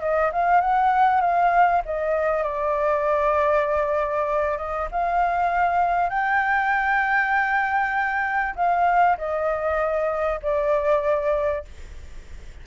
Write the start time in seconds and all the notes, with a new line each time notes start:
0.00 D#5
0.32 F5
0.61 F#5
1.21 F5
1.85 D#5
2.43 D5
4.58 D#5
4.91 F5
6.09 G5
8.55 F5
9.17 D#5
10.42 D5